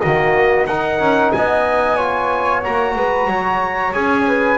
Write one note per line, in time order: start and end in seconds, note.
0.00 0.66 D#3
0.00 0.68 A#3
0.00 0.66 F#4
0.00 0.65 D#5
0.66 0.99 D#4
0.66 1.98 D#4
0.66 1.33 A#4
0.66 1.32 F#5
0.99 1.32 C#4
1.32 2.66 B3
1.32 1.96 D#5
1.32 2.62 G#5
1.96 2.63 F4
1.96 2.94 C#5
2.63 2.95 A#3
2.63 3.93 F#4
2.63 3.93 A#5
2.95 3.27 G#3
2.95 3.27 B4
3.27 3.92 F#3
3.27 4.25 C#5
3.93 4.58 C#4
3.93 4.58 G#4
3.93 4.58 G#5
4.27 4.58 B4